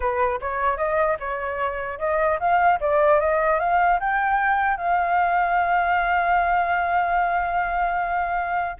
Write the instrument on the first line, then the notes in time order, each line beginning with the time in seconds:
flute
0.00 B4
0.41 C#5
0.77 D#5
1.19 C#5
1.98 D#5
2.39 F5
2.80 D5
3.19 D#5
3.59 F5
4.00 G5
4.77 F5